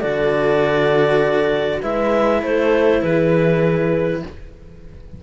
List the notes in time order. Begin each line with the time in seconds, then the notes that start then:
0.00 D3 F#4 A4 D5
1.82 G#3 E4 B4 E5
2.41 A3 A4 C5
3.02 E3 G#4 B4